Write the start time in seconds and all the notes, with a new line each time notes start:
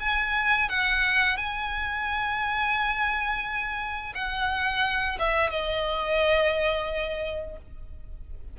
0.00 G#5
0.69 F#5
1.37 G#5
4.15 F#5
5.19 E5
5.50 D#5